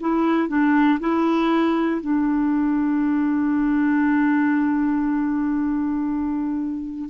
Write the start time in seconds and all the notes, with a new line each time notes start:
0.00 E4
0.48 D4
1.00 E4
2.01 D4